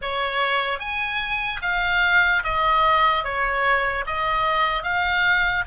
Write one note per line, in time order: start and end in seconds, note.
0.01 0.79 C#5
0.79 1.60 G#5
1.62 2.43 F5
2.43 3.24 D#5
3.24 4.05 C#5
4.06 4.83 D#5
4.83 5.64 F5